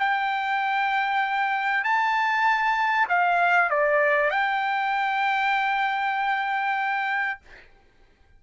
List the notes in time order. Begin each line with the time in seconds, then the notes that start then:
0.00 G5
1.84 A5
3.09 F5
3.70 D5
4.31 G5